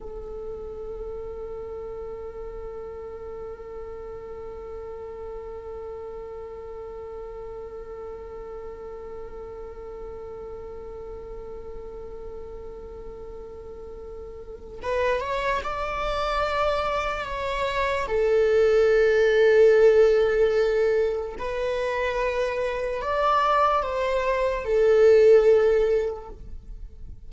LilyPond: \new Staff \with { instrumentName = "viola" } { \time 4/4 \tempo 4 = 73 a'1~ | a'1~ | a'1~ | a'1~ |
a'2 b'8 cis''8 d''4~ | d''4 cis''4 a'2~ | a'2 b'2 | d''4 c''4 a'2 | }